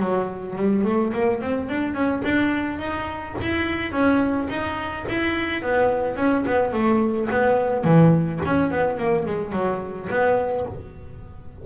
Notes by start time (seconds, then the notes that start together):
0.00 F#3
0.56 G3
0.84 A3
1.13 A#3
1.41 C4
1.69 D4
1.94 C#4
2.24 D4
2.79 D#4
3.41 E4
3.92 C#4
4.49 D#4
5.09 E4
5.62 B3
6.17 C#4
6.46 B3
6.73 A3
7.30 B3
7.84 E3
8.46 C#4
8.71 B3
8.98 A#3
9.26 G#3
9.52 F#3
10.10 B3